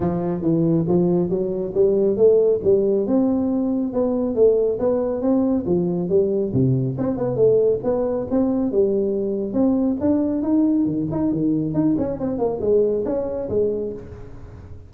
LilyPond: \new Staff \with { instrumentName = "tuba" } { \time 4/4 \tempo 4 = 138 f4 e4 f4 fis4 | g4 a4 g4 c'4~ | c'4 b4 a4 b4 | c'4 f4 g4 c4 |
c'8 b8 a4 b4 c'4 | g2 c'4 d'4 | dis'4 dis8 dis'8 dis4 dis'8 cis'8 | c'8 ais8 gis4 cis'4 gis4 | }